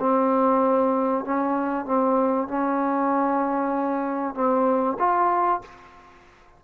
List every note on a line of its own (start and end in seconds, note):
0.00 1.25 C4
1.25 1.86 C#4
1.86 2.48 C4
2.48 4.35 C#4
4.35 4.98 C4
4.99 5.62 F4